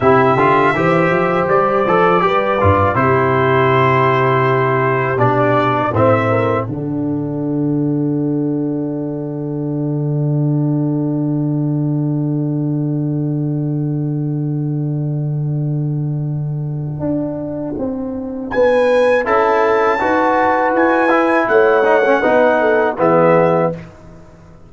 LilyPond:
<<
  \new Staff \with { instrumentName = "trumpet" } { \time 4/4 \tempo 4 = 81 e''2 d''2 | c''2. d''4 | e''4 fis''2.~ | fis''1~ |
fis''1~ | fis''1~ | fis''4 gis''4 a''2 | gis''4 fis''2 e''4 | }
  \new Staff \with { instrumentName = "horn" } { \time 4/4 g'4 c''2 b'4 | g'1 | c''8 ais'8 a'2.~ | a'1~ |
a'1~ | a'1~ | a'4 b'4 a'4 b'4~ | b'4 cis''4 b'8 a'8 gis'4 | }
  \new Staff \with { instrumentName = "trombone" } { \time 4/4 e'8 f'8 g'4. a'8 g'8 f'8 | e'2. d'4 | c'4 d'2.~ | d'1~ |
d'1~ | d'1~ | d'2 e'4 fis'4~ | fis'8 e'4 dis'16 cis'16 dis'4 b4 | }
  \new Staff \with { instrumentName = "tuba" } { \time 4/4 c8 d8 e8 f8 g8 f8 g8 g,8 | c2. b,4 | a,4 d2.~ | d1~ |
d1~ | d2. d'4 | c'4 b4 cis'4 dis'4 | e'4 a4 b4 e4 | }
>>